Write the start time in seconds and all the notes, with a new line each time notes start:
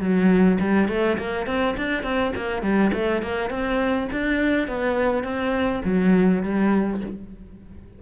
0.00 F#3
0.60 G3
0.88 A3
1.18 A#3
1.46 C4
1.77 D4
2.03 C4
2.36 A#3
2.62 G3
2.93 A3
3.22 A#3
3.50 C4
4.12 D4
4.67 B3
5.23 C4
5.84 F#3
6.43 G3